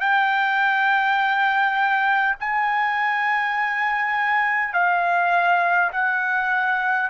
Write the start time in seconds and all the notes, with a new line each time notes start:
0.00 G5
2.39 G#5
4.73 F5
5.92 F#5